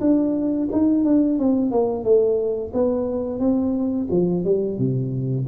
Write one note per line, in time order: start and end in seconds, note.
0.00 0.68 D4
0.72 1.04 D#4
1.04 1.38 D4
1.39 1.71 C4
1.71 2.04 A#3
2.04 2.72 A3
2.73 3.39 B3
3.39 4.07 C4
4.10 4.44 F3
4.44 4.78 G3
4.78 5.46 C3